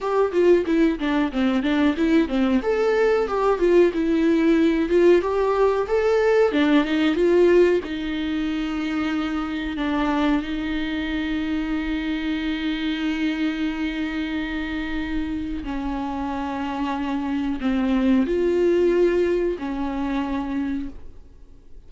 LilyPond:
\new Staff \with { instrumentName = "viola" } { \time 4/4 \tempo 4 = 92 g'8 f'8 e'8 d'8 c'8 d'8 e'8 c'8 | a'4 g'8 f'8 e'4. f'8 | g'4 a'4 d'8 dis'8 f'4 | dis'2. d'4 |
dis'1~ | dis'1 | cis'2. c'4 | f'2 cis'2 | }